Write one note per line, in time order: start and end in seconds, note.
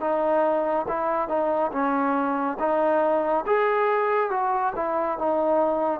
0.00 0.86 D#4
0.88 1.28 E4
1.28 1.71 D#4
1.72 2.58 C#4
2.59 3.44 D#4
3.46 4.30 G#4
4.30 4.73 F#4
4.75 5.18 E4
5.18 6.00 D#4